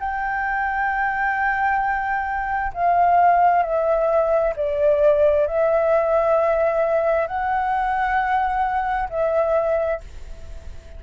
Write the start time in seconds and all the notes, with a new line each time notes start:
0.00 G5
2.74 F5
3.63 E5
4.57 D5
5.47 E5
7.28 F#5
9.10 E5